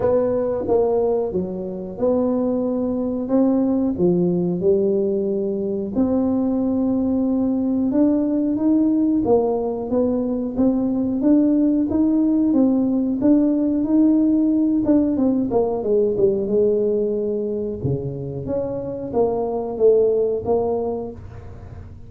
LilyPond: \new Staff \with { instrumentName = "tuba" } { \time 4/4 \tempo 4 = 91 b4 ais4 fis4 b4~ | b4 c'4 f4 g4~ | g4 c'2. | d'4 dis'4 ais4 b4 |
c'4 d'4 dis'4 c'4 | d'4 dis'4. d'8 c'8 ais8 | gis8 g8 gis2 cis4 | cis'4 ais4 a4 ais4 | }